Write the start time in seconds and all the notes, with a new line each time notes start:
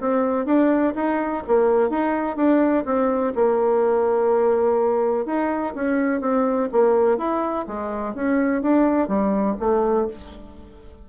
0.00 C4
0.45 D4
0.95 D#4
1.47 A#3
1.90 D#4
2.36 D4
2.85 C4
3.35 A#3
5.26 D#4
5.74 C#4
6.21 C4
6.72 A#3
7.17 E4
7.67 G#3
8.14 C#4
8.62 D4
9.08 G3
9.59 A3